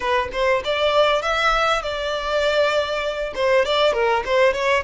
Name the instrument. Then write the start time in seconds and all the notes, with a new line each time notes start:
violin
0.00 B4
0.32 C5
0.64 D5
1.21 E5
1.82 D5
3.35 C5
3.65 D5
3.93 A#4
4.25 C5
4.53 C#5